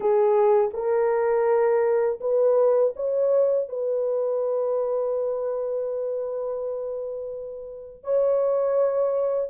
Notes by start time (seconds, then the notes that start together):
0.00 G#4
0.73 A#4
2.20 B4
2.96 C#5
3.69 B4
8.03 C#5